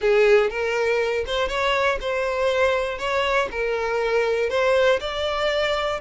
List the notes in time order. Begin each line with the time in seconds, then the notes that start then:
0.01 G#4
0.50 A#4
1.26 C5
1.48 C#5
2.00 C5
2.98 C#5
3.51 A#4
4.49 C5
5.00 D5